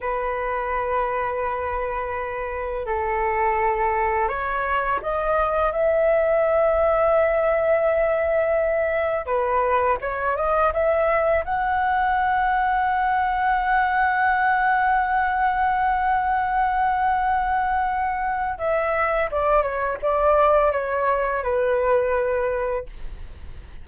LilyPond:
\new Staff \with { instrumentName = "flute" } { \time 4/4 \tempo 4 = 84 b'1 | a'2 cis''4 dis''4 | e''1~ | e''4 b'4 cis''8 dis''8 e''4 |
fis''1~ | fis''1~ | fis''2 e''4 d''8 cis''8 | d''4 cis''4 b'2 | }